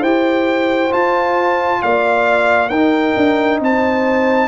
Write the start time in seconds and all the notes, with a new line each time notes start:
0.00 E4 G4 C5 G5
0.90 F4 A5
1.82 A#3 D5 F5
2.68 D#4 A#4 G5
3.16 D4
3.60 C4 C5 A5